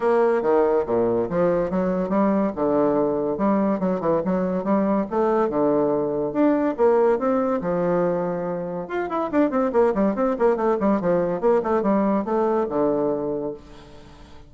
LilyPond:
\new Staff \with { instrumentName = "bassoon" } { \time 4/4 \tempo 4 = 142 ais4 dis4 ais,4 f4 | fis4 g4 d2 | g4 fis8 e8 fis4 g4 | a4 d2 d'4 |
ais4 c'4 f2~ | f4 f'8 e'8 d'8 c'8 ais8 g8 | c'8 ais8 a8 g8 f4 ais8 a8 | g4 a4 d2 | }